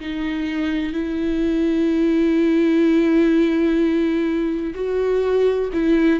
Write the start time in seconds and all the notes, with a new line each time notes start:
0.00 D#4
0.93 E4
4.74 F#4
5.73 E4